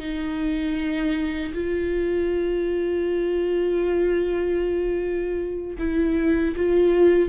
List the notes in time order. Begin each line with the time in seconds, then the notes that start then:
0.00 D#4
1.55 F4
5.79 E4
6.56 F4